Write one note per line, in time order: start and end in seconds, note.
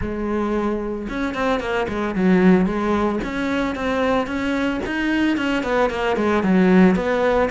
0.01 1.08 G#3
1.09 1.34 C#4
1.34 1.59 C4
1.59 1.86 A#3
1.88 2.15 G#3
2.15 2.65 F#3
2.65 3.19 G#3
3.23 3.75 C#4
3.75 4.26 C4
4.26 4.80 C#4
4.86 5.37 D#4
5.37 5.63 C#4
5.63 5.90 B3
5.90 6.16 A#3
6.16 6.43 G#3
6.43 6.95 F#3
6.95 7.49 B3